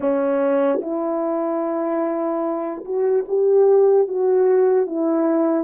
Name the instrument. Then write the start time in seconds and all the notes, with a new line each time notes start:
horn
0.00 C#4
0.81 E4
2.85 F#4
3.28 G4
4.08 F#4
4.86 E4